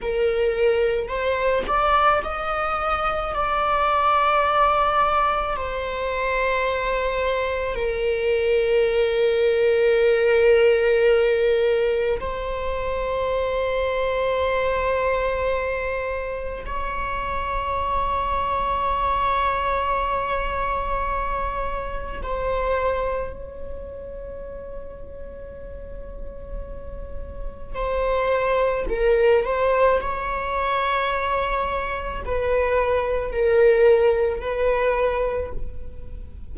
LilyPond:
\new Staff \with { instrumentName = "viola" } { \time 4/4 \tempo 4 = 54 ais'4 c''8 d''8 dis''4 d''4~ | d''4 c''2 ais'4~ | ais'2. c''4~ | c''2. cis''4~ |
cis''1 | c''4 cis''2.~ | cis''4 c''4 ais'8 c''8 cis''4~ | cis''4 b'4 ais'4 b'4 | }